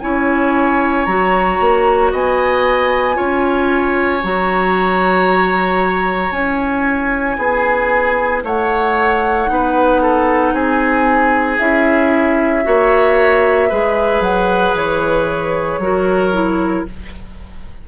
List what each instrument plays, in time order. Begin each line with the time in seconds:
0.00 bassoon C#4, clarinet E4, oboe C#5, flute G#5
1.05 bassoon F#3, clarinet F#4, flute A#5
1.60 bassoon A#3
2.12 bassoon B3, oboe D#5, flute G#5
3.14 bassoon C#4, clarinet F4, oboe C#5
4.23 bassoon F#3, clarinet F#4, flute A#5
6.31 bassoon C#4, clarinet E4, flute G#5
7.38 bassoon B3, oboe G#4
8.43 bassoon A3, oboe C#5, flute F#5
9.47 bassoon B3, clarinet D#4
9.53 oboe B4
10.02 oboe A4
10.53 bassoon C4, oboe G#4, flute G#5
11.59 bassoon C#4, clarinet E4, flute E5
12.64 bassoon A#3, clarinet F#4, oboe C#5
13.69 bassoon G#3, clarinet G#4, oboe B4
14.20 bassoon F#3, flute F#5
14.74 bassoon E3, flute C#5
15.78 bassoon F#3, clarinet F#4, oboe A#4
16.33 clarinet E4